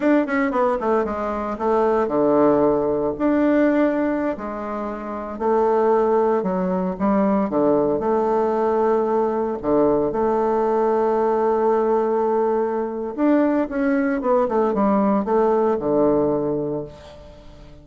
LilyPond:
\new Staff \with { instrumentName = "bassoon" } { \time 4/4 \tempo 4 = 114 d'8 cis'8 b8 a8 gis4 a4 | d2 d'2~ | d'16 gis2 a4.~ a16~ | a16 fis4 g4 d4 a8.~ |
a2~ a16 d4 a8.~ | a1~ | a4 d'4 cis'4 b8 a8 | g4 a4 d2 | }